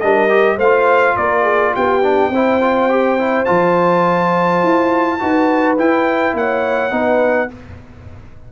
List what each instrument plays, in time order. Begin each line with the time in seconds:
0.00 tuba G3, trombone D4, horn A#4, trumpet D#5
0.29 trombone G4
0.57 tuba A3, horn C5, trumpet F5
0.64 trombone F4
1.17 tuba A#3, horn A#4, trumpet D5
1.43 horn G#4
1.74 tuba B3, horn G4, trumpet G5
2.02 trombone D4
2.30 tuba C4, trombone E4, horn C5
2.61 trombone F4
2.89 trombone G4
3.18 trombone E4
3.45 tuba F3, trombone F4, trumpet A5
4.63 tuba E4
5.19 tuba D#4, trombone F#4, horn B4
5.78 trombone E4, tuba E4, trumpet G5
6.34 tuba A#3, horn C#5, trumpet F#5
6.90 tuba B3, trombone D#4, horn B4